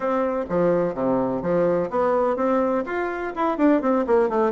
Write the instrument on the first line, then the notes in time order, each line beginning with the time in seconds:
bassoon
0.00 C4
0.49 F3
0.94 C3
1.42 F3
1.90 B3
2.36 C4
2.85 F4
3.35 E4
3.57 D4
3.81 C4
4.06 A#3
4.29 A3